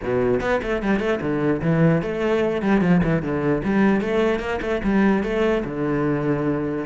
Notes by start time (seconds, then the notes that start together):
0.03 B2
0.40 B3
0.62 A3
0.82 G3
0.99 A3
1.21 D3
1.61 E3
2.02 A3
2.62 G3
2.81 F3
3.03 E3
3.22 D3
3.64 G3
4.00 A3
4.39 A#3
4.61 A3
4.83 G3
5.23 A3
5.65 D3